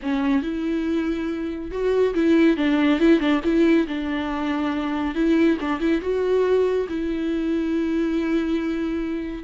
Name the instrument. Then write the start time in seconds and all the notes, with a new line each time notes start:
viola
0.02 C#4
0.42 E4
1.71 F#4
2.14 E4
2.56 D4
2.99 E4
3.19 D4
3.44 E4
3.87 D4
5.14 E4
5.60 D4
5.80 E4
6.01 F#4
6.88 E4